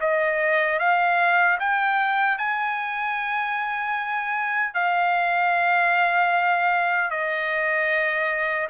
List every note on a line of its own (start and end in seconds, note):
0.00 0.79 D#5
0.79 1.58 F5
1.60 2.38 G5
2.38 4.74 G#5
4.74 7.10 F5
7.10 8.68 D#5